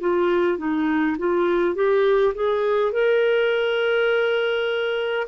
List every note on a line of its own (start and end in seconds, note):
0.00 0.58 F4
0.58 1.17 D#4
1.18 1.75 F4
1.75 2.34 G4
2.35 2.93 G#4
2.93 5.28 A#4